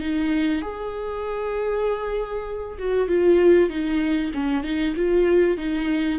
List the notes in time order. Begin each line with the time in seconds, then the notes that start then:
0.00 D#4
0.61 G#4
2.79 F#4
3.08 F4
3.69 D#4
4.34 C#4
4.64 D#4
4.96 F4
5.57 D#4